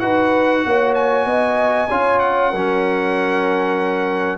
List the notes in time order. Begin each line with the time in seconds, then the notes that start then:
0.00 D#4 F#4 B4 F#5
0.66 A#3 C#5
0.95 G#5
1.26 B3 D#5
1.89 C#4 F4 C#5
2.20 F#5
2.51 F#3 C#4 A#4